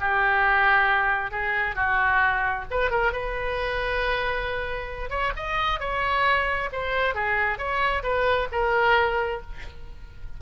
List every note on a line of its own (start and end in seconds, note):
0.00 1.31 G4
1.31 1.75 G#4
1.75 2.65 F#4
2.70 2.90 B4
2.90 3.12 A#4
3.12 5.09 B4
5.09 5.32 C#5
5.36 5.79 D#5
5.79 6.69 C#5
6.72 7.14 C5
7.14 7.58 G#4
7.58 8.02 C#5
8.03 8.47 B4
8.52 9.41 A#4